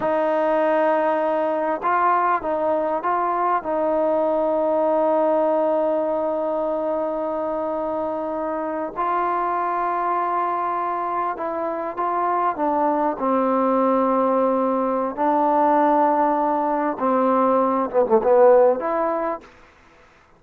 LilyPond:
\new Staff \with { instrumentName = "trombone" } { \time 4/4 \tempo 4 = 99 dis'2. f'4 | dis'4 f'4 dis'2~ | dis'1~ | dis'2~ dis'8. f'4~ f'16~ |
f'2~ f'8. e'4 f'16~ | f'8. d'4 c'2~ c'16~ | c'4 d'2. | c'4. b16 a16 b4 e'4 | }